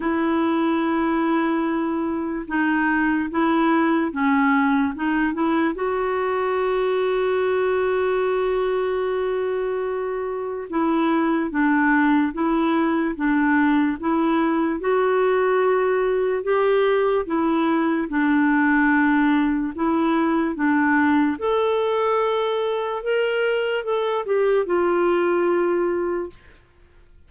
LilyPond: \new Staff \with { instrumentName = "clarinet" } { \time 4/4 \tempo 4 = 73 e'2. dis'4 | e'4 cis'4 dis'8 e'8 fis'4~ | fis'1~ | fis'4 e'4 d'4 e'4 |
d'4 e'4 fis'2 | g'4 e'4 d'2 | e'4 d'4 a'2 | ais'4 a'8 g'8 f'2 | }